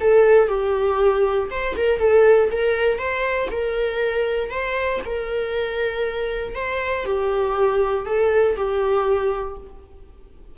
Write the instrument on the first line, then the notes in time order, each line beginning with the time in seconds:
viola
0.00 A4
0.48 G4
1.50 C5
1.76 A#4
1.99 A4
2.51 A#4
2.98 C5
3.51 A#4
4.50 C5
5.05 A#4
6.55 C5
7.05 G4
8.06 A4
8.56 G4